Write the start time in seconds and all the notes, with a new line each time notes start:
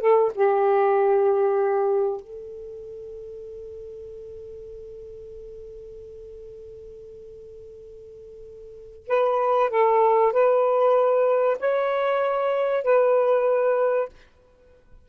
0.00 A4
0.34 G4
2.20 A4
9.07 B4
9.70 A4
10.32 B4
11.59 C#5
12.83 B4